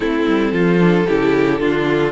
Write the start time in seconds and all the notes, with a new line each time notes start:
0.00 A3 C4 E4 A4
0.26 G3
0.52 F3 F4
0.80 D4
1.06 C#3 E4 G4
1.59 D3 D4 F4